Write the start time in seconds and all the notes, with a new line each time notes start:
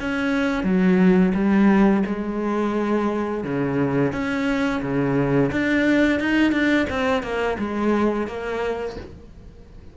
0.00 C#4
0.64 F#3
1.34 G3
2.06 G#3
3.44 C#3
4.12 C#4
4.82 C#3
5.52 D4
6.19 D#4
6.52 D4
6.89 C4
7.23 A#3
7.58 G#3
8.27 A#3